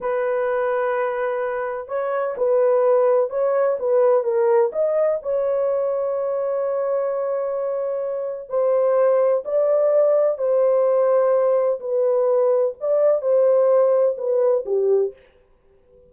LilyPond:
\new Staff \with { instrumentName = "horn" } { \time 4/4 \tempo 4 = 127 b'1 | cis''4 b'2 cis''4 | b'4 ais'4 dis''4 cis''4~ | cis''1~ |
cis''2 c''2 | d''2 c''2~ | c''4 b'2 d''4 | c''2 b'4 g'4 | }